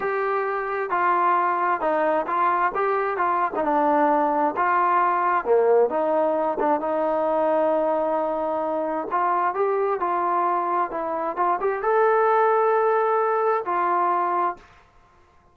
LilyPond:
\new Staff \with { instrumentName = "trombone" } { \time 4/4 \tempo 4 = 132 g'2 f'2 | dis'4 f'4 g'4 f'8. dis'16 | d'2 f'2 | ais4 dis'4. d'8 dis'4~ |
dis'1 | f'4 g'4 f'2 | e'4 f'8 g'8 a'2~ | a'2 f'2 | }